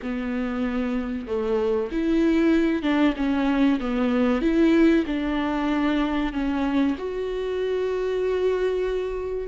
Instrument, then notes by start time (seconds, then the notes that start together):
viola
0.02 B3
1.27 A3
1.91 E4
2.82 D4
3.16 C#4
3.80 B3
4.41 E4
5.06 D4
6.32 C#4
6.98 F#4